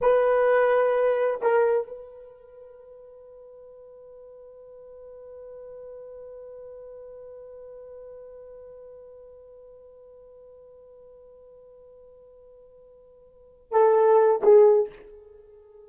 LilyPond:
\new Staff \with { instrumentName = "horn" } { \time 4/4 \tempo 4 = 129 b'2. ais'4 | b'1~ | b'1~ | b'1~ |
b'1~ | b'1~ | b'1~ | b'4. a'4. gis'4 | }